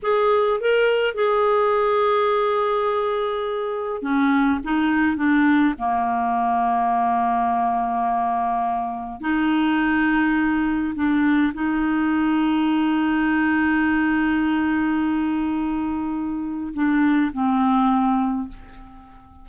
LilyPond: \new Staff \with { instrumentName = "clarinet" } { \time 4/4 \tempo 4 = 104 gis'4 ais'4 gis'2~ | gis'2. cis'4 | dis'4 d'4 ais2~ | ais1 |
dis'2. d'4 | dis'1~ | dis'1~ | dis'4 d'4 c'2 | }